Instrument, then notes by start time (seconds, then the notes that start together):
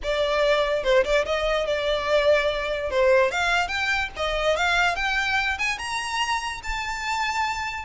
violin
0.03 D5
0.83 C5
1.04 D5
1.25 D#5
1.66 D5
2.90 C5
3.31 F5
3.68 G5
4.16 D#5
4.56 F5
4.95 G5
5.58 G#5
5.78 A#5
6.63 A5